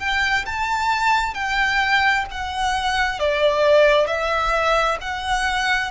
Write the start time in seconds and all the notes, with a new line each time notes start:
0.00 G5
0.46 A5
1.35 G5
2.31 F#5
3.20 D5
4.07 E5
5.01 F#5